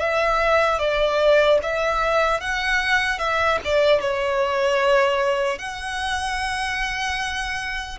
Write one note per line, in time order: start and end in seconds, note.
0.00 0.79 E5
0.79 1.59 D5
1.63 2.41 E5
2.41 3.19 F#5
3.19 3.59 E5
3.65 4.01 D5
4.01 5.59 C#5
5.59 7.99 F#5